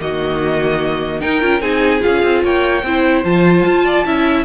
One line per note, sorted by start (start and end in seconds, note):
0.00 1.22 D#3
0.00 1.20 A#3
0.00 1.21 F#4
0.00 1.20 D#5
1.20 1.40 D#4
1.20 1.42 D#4
1.20 1.62 A#4
1.20 1.61 G5
1.40 1.60 C#4
1.40 1.60 F4
1.60 2.00 C4
1.60 2.00 D#4
1.60 2.43 G#4
1.60 2.01 G#5
2.00 2.23 C#4
2.00 2.81 F4
2.00 2.43 F5
2.23 2.43 C4
2.43 2.83 A#3
2.43 2.84 C#5
2.43 3.24 G5
2.83 3.23 C4
2.83 3.24 E4
2.83 3.84 C5
3.24 3.65 F3
3.24 4.05 F4
3.24 4.45 A5
3.65 4.05 F4
3.84 4.04 D5
4.05 4.45 C#4
4.05 4.45 E4
4.05 4.45 E5